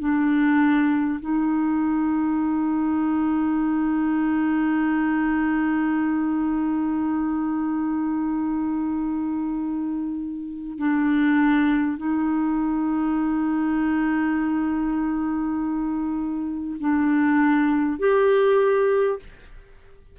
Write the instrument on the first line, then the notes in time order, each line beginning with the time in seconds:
clarinet
0.00 D4
1.21 D#4
10.79 D4
11.98 D#4
16.81 D4
17.99 G4